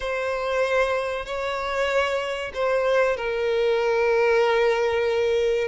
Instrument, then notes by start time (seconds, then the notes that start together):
violin
0.00 C5
1.25 C#5
2.53 C5
3.17 A#4